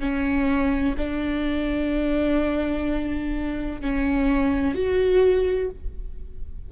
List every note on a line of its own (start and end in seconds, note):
0.00 0.95 C#4
0.98 3.81 D4
3.81 4.75 C#4
4.75 5.70 F#4